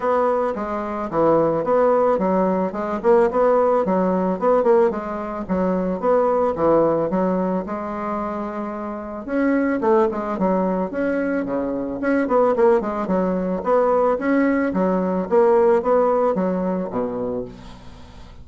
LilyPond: \new Staff \with { instrumentName = "bassoon" } { \time 4/4 \tempo 4 = 110 b4 gis4 e4 b4 | fis4 gis8 ais8 b4 fis4 | b8 ais8 gis4 fis4 b4 | e4 fis4 gis2~ |
gis4 cis'4 a8 gis8 fis4 | cis'4 cis4 cis'8 b8 ais8 gis8 | fis4 b4 cis'4 fis4 | ais4 b4 fis4 b,4 | }